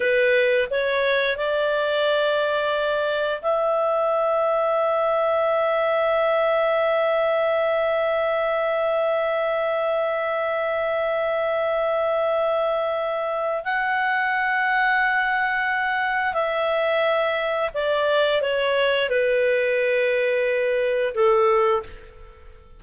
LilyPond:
\new Staff \with { instrumentName = "clarinet" } { \time 4/4 \tempo 4 = 88 b'4 cis''4 d''2~ | d''4 e''2.~ | e''1~ | e''1~ |
e''1 | fis''1 | e''2 d''4 cis''4 | b'2. a'4 | }